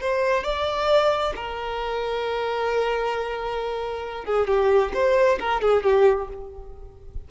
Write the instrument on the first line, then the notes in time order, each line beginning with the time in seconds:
violin
0.00 C5
0.43 D5
1.35 A#4
4.25 G#4
4.47 G4
4.94 C5
5.39 A#4
5.61 G#4
5.83 G4